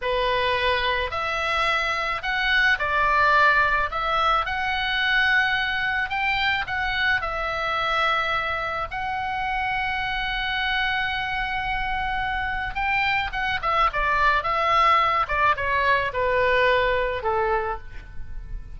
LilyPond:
\new Staff \with { instrumentName = "oboe" } { \time 4/4 \tempo 4 = 108 b'2 e''2 | fis''4 d''2 e''4 | fis''2. g''4 | fis''4 e''2. |
fis''1~ | fis''2. g''4 | fis''8 e''8 d''4 e''4. d''8 | cis''4 b'2 a'4 | }